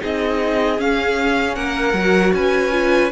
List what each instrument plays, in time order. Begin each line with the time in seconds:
0.00 cello C4, viola D#4, violin G#4 D#5
0.78 viola C#4, cello C#4, violin F5
1.56 cello A#3, violin A#4 F#5
1.94 cello F#3, viola F#4
2.34 cello C#4, violin B4 G#5
2.72 viola F4